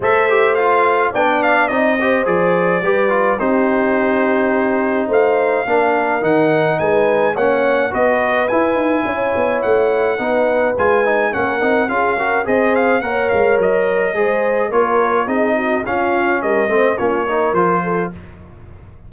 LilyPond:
<<
  \new Staff \with { instrumentName = "trumpet" } { \time 4/4 \tempo 4 = 106 e''4 f''4 g''8 f''8 dis''4 | d''2 c''2~ | c''4 f''2 fis''4 | gis''4 fis''4 dis''4 gis''4~ |
gis''4 fis''2 gis''4 | fis''4 f''4 dis''8 f''8 fis''8 f''8 | dis''2 cis''4 dis''4 | f''4 dis''4 cis''4 c''4 | }
  \new Staff \with { instrumentName = "horn" } { \time 4/4 c''2 d''4. c''8~ | c''4 b'4 g'2~ | g'4 c''4 ais'2 | b'4 cis''4 b'2 |
cis''2 b'2 | ais'4 gis'8 ais'8 c''4 cis''4~ | cis''4 c''4 ais'4 gis'8 fis'8 | f'4 ais'8 c''8 f'8 ais'4 a'8 | }
  \new Staff \with { instrumentName = "trombone" } { \time 4/4 a'8 g'8 f'4 d'4 dis'8 g'8 | gis'4 g'8 f'8 dis'2~ | dis'2 d'4 dis'4~ | dis'4 cis'4 fis'4 e'4~ |
e'2 dis'4 f'8 dis'8 | cis'8 dis'8 f'8 fis'8 gis'4 ais'4~ | ais'4 gis'4 f'4 dis'4 | cis'4. c'8 cis'8 dis'8 f'4 | }
  \new Staff \with { instrumentName = "tuba" } { \time 4/4 a2 b4 c'4 | f4 g4 c'2~ | c'4 a4 ais4 dis4 | gis4 ais4 b4 e'8 dis'8 |
cis'8 b8 a4 b4 gis4 | ais8 c'8 cis'4 c'4 ais8 gis8 | fis4 gis4 ais4 c'4 | cis'4 g8 a8 ais4 f4 | }
>>